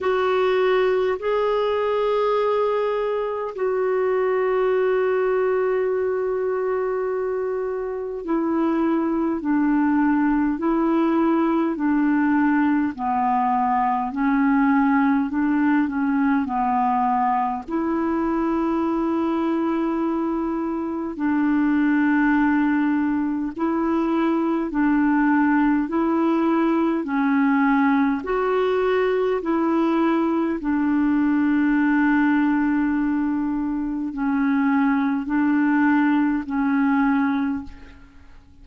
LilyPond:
\new Staff \with { instrumentName = "clarinet" } { \time 4/4 \tempo 4 = 51 fis'4 gis'2 fis'4~ | fis'2. e'4 | d'4 e'4 d'4 b4 | cis'4 d'8 cis'8 b4 e'4~ |
e'2 d'2 | e'4 d'4 e'4 cis'4 | fis'4 e'4 d'2~ | d'4 cis'4 d'4 cis'4 | }